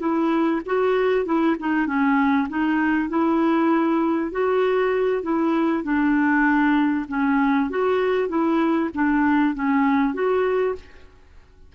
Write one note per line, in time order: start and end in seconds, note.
0.00 0.61 E4
0.66 1.26 F#4
1.26 1.56 E4
1.60 1.87 D#4
1.87 2.49 C#4
2.50 3.10 D#4
3.10 4.32 E4
4.32 5.23 F#4
5.23 5.84 E4
5.84 7.06 D4
7.09 7.70 C#4
7.70 8.29 F#4
8.29 8.90 E4
8.94 9.55 D4
9.55 10.14 C#4
10.14 10.75 F#4